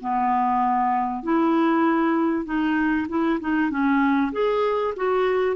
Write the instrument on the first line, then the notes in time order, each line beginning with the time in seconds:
clarinet
0.00 B3
1.23 E4
2.45 D#4
3.08 E4
3.40 D#4
3.70 C#4
4.32 G#4
4.96 F#4